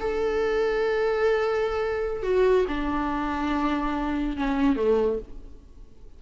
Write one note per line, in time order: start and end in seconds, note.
0.00 2.23 A4
2.23 2.66 F#4
2.68 4.37 D4
4.37 4.76 C#4
4.76 5.19 A3